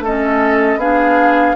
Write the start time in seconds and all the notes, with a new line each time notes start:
0.00 A3 C#4 A4 D#5
0.76 B3 D4 G#4 F5